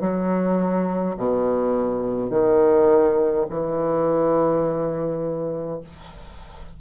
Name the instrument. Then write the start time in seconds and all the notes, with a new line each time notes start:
bassoon
0.00 F#3
1.16 B2
2.30 D#3
3.49 E3